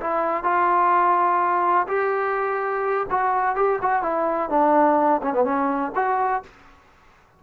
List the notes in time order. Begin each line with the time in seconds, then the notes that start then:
0.00 E4
0.44 F4
1.87 G4
3.10 F#4
3.55 G4
3.81 F#4
4.02 E4
4.50 D4
5.22 C#4
5.33 B3
5.44 C#4
5.95 F#4